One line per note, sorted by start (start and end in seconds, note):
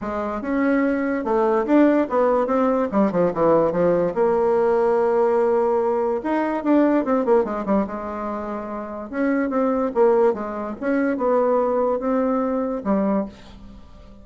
0.01 0.41 G#3
0.41 1.24 C#4
1.24 1.65 A3
1.66 2.07 D4
2.09 2.46 B3
2.46 2.88 C4
2.91 3.11 G3
3.11 3.32 F3
3.33 3.72 E3
3.72 4.13 F3
4.14 6.21 A#3
6.23 6.63 D#4
6.63 7.04 D4
7.04 7.25 C4
7.25 7.44 A#3
7.44 7.65 G#3
7.65 7.86 G3
7.86 9.10 G#3
9.10 9.49 C#4
9.49 9.91 C4
9.94 10.33 A#3
10.33 10.75 G#3
10.80 11.17 C#4
11.17 11.99 B3
11.99 12.82 C4
12.84 13.25 G3